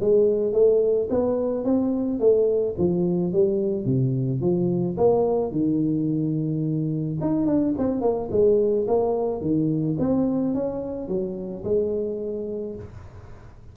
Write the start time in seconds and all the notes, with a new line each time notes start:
0.00 G#3
0.52 A3
1.09 B3
1.64 C4
2.19 A3
2.78 F3
3.33 G3
3.85 C3
4.41 F3
4.97 A#3
5.51 D#3
7.20 D#4
7.46 D4
7.78 C4
8.01 A#3
8.31 G#3
8.87 A#3
9.41 D#3
9.99 C4
10.54 C#4
11.08 F#3
11.64 G#3